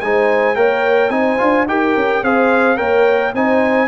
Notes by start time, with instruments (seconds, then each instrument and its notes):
0.00 tuba G#3, trombone D#4, horn C5, trumpet G#5
0.55 tuba A#3, trombone A#4, horn C#5, trumpet G5
1.09 tuba C4, trombone D#4, horn C5, trumpet G#5
1.38 tuba D4, trombone F4
1.67 tuba D#4, trombone G4, horn A#4, trumpet G5
1.96 tuba C#4
2.22 tuba C4, trombone G#4, horn C5, trumpet F5
2.76 tuba A#3, trombone A#4, horn C#5, trumpet G5
3.34 tuba C4, trombone D#4, horn C5, trumpet G#5